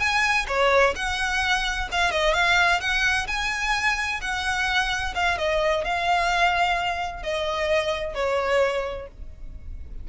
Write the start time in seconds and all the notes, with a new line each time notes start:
0.00 G#5
0.48 C#5
0.96 F#5
1.92 F5
2.11 D#5
2.34 F5
2.81 F#5
3.28 G#5
4.21 F#5
5.15 F5
5.38 D#5
5.85 F5
7.23 D#5
8.15 C#5